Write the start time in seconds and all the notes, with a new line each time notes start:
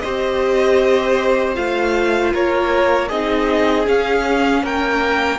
0.00 C4 G4 C5 D#5
1.55 A3 F4 F5
2.33 A#3 A#4 C#5
3.09 C4 D#4 G#4 D#5
3.86 C#4 F5
4.63 A#3 A#4 G5